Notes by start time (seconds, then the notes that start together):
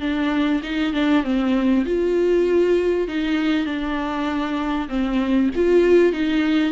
0.00 D4
0.63 D#4
0.93 D4
1.23 C4
1.85 F4
3.08 D#4
3.66 D4
4.88 C4
5.55 F4
6.13 D#4